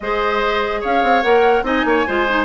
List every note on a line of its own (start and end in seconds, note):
0.00 0.82 G#3
0.00 1.23 G#4
0.00 0.81 C5
0.00 0.82 D#5
0.81 1.03 C#4
0.81 1.63 C#5
0.81 1.22 F5
1.03 1.23 C4
1.22 1.62 A#3
1.22 1.64 A#4
1.22 1.63 F#5
1.62 1.83 C4
1.62 2.05 D#4
1.62 1.86 D#5
1.62 2.45 G#5
1.84 2.05 A#3
1.84 2.06 C#5
2.06 2.45 G#3
2.06 2.27 F4
2.06 2.45 C5
2.29 2.45 D#4